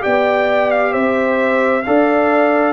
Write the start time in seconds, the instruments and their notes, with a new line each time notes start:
0.00 tuba B3, trombone G4, horn D5, trumpet G5
0.70 trumpet F5
0.92 tuba C4, horn C5, trumpet E5
1.82 tuba D4, trombone A4, horn D5, trumpet F5